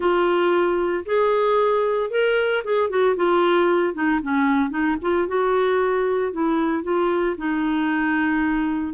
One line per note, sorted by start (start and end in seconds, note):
0.00 1.04 F4
1.05 2.10 G#4
2.10 2.63 A#4
2.64 2.89 G#4
2.89 3.15 F#4
3.16 3.93 F4
3.93 4.20 D#4
4.22 4.70 C#4
4.70 4.96 D#4
5.01 5.27 F4
5.27 6.32 F#4
6.32 6.83 E4
6.83 7.35 F4
7.37 8.93 D#4